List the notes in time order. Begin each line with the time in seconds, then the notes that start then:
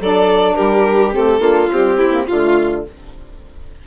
0.00 F#3 D4 A4 D5
0.54 G3 G4 A#4
1.12 A3 C4 A4
1.39 A#3 D4 F4
1.71 G3 C4 G4
1.97 C4 E4
2.11 A#3
2.26 D3 A3 F4